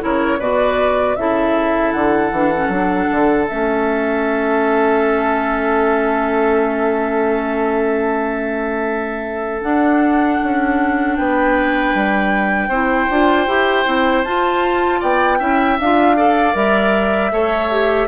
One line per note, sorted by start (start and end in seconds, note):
0.00 0.40 C#3
0.00 0.38 E4
0.00 0.39 A#4
0.00 0.41 C#5
0.39 1.17 B2
0.39 1.17 F#4
0.39 1.16 B4
0.39 1.16 D5
1.16 1.93 C#3
1.16 2.33 E4
1.16 11.18 A4
1.16 1.92 E5
1.92 2.31 D3
1.92 3.46 F#5
2.31 2.68 E3
2.31 2.53 D4
2.56 2.71 C#4
2.68 3.07 F#3
2.68 3.48 D4
3.11 3.50 D3
3.48 9.62 A3
3.48 9.62 C#4
3.48 9.62 E5
9.62 12.69 D4
9.62 10.39 D4
9.62 11.16 F#5
10.43 11.19 C#4
11.16 11.95 B3
11.16 12.69 B4
11.16 14.24 G5
11.95 12.68 G3
12.68 13.07 C4
12.68 13.11 E4
12.68 15.00 C5
13.10 13.47 D4
13.10 13.47 F4
13.47 13.86 E4
13.47 13.86 G4
13.86 14.25 C4
13.86 14.24 E4
14.24 15.01 F4
14.24 15.39 F4
14.24 15.00 A5
15.00 15.40 B3
15.00 15.38 D5
15.00 15.79 G5
15.39 15.79 C#4
15.39 15.78 E4
15.39 16.16 E5
15.79 16.55 D4
15.79 16.16 F4
15.79 16.56 F5
16.16 16.54 A4
16.16 17.32 D5
16.54 17.32 G3
16.54 17.30 A#4
16.54 18.08 E5
17.32 18.08 A3
17.32 17.70 A4
17.32 18.08 C#5
17.71 18.08 G4